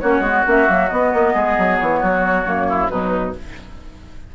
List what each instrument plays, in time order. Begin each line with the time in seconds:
0.00 bassoon A#3, clarinet C#4, oboe F#4, flute C#5
0.20 bassoon G#3, clarinet B3
0.46 bassoon A#3, clarinet C#4, flute E5
0.66 bassoon F#3, clarinet A#3
0.88 clarinet B3, bassoon B3, flute D#5
1.13 bassoon A#3
1.34 bassoon G#3, oboe G#4
1.58 bassoon F#3
1.79 bassoon E3, flute C#5
2.00 bassoon F#3, oboe F#4
2.45 bassoon F#2, clarinet A#3
2.69 oboe E4
2.88 bassoon B2, clarinet F#3, oboe D#4, flute B4